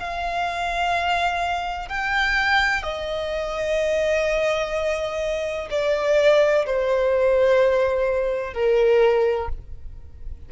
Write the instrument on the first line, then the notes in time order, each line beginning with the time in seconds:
violin
0.00 F5
1.89 G5
2.83 D#5
5.71 D5
6.66 C5
8.54 A#4